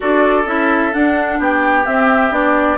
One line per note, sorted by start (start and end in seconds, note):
0.00 0.46 D4
0.00 0.43 F#4
0.00 1.39 A4
0.00 0.47 D5
0.46 0.92 C#4
0.46 0.91 E4
0.46 0.93 E5
0.91 1.84 D4
0.91 1.39 D4
0.91 1.39 F#5
1.39 1.85 B3
1.39 2.78 G4
1.39 1.86 G5
1.86 2.31 C4
1.86 2.32 E5
2.31 2.77 B3
2.31 2.77 D4
2.31 2.78 D5